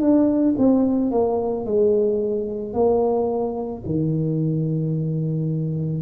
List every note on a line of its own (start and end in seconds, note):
0.00 0.55 D4
0.58 1.11 C4
1.11 1.65 A#3
1.65 2.74 G#3
2.74 3.83 A#3
3.86 6.02 D#3